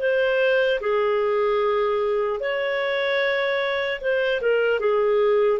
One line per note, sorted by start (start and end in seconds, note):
0.00 0.80 C5
0.81 2.40 G#4
2.40 4.00 C#5
4.01 4.41 C5
4.41 4.80 A#4
4.80 5.60 G#4